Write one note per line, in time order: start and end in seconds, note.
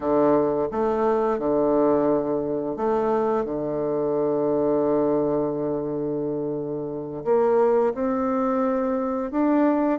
0.00 0.67 D3
0.71 1.38 A3
1.38 2.76 D3
2.76 3.44 A3
3.44 7.24 D3
7.24 7.93 A#3
7.94 9.31 C4
9.31 9.99 D4